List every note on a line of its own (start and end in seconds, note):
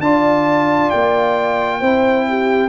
0.00 0.90 D4
0.00 1.82 F4
0.00 1.80 D5
0.00 0.90 A5
0.90 1.82 A#3
0.90 2.69 G5
1.80 2.69 C4
1.80 2.69 E4
1.80 2.25 C5
2.29 2.69 G4